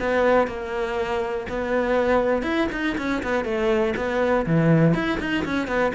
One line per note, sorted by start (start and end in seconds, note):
0.00 0.48 B3
0.48 1.47 A#3
1.50 2.43 B3
2.43 2.68 E4
2.72 2.97 D#4
2.98 3.23 C#4
3.23 3.45 B3
3.45 3.94 A3
3.97 4.46 B3
4.47 4.95 E3
4.95 5.19 E4
5.20 5.45 D#4
5.45 5.68 C#4
5.68 5.93 B3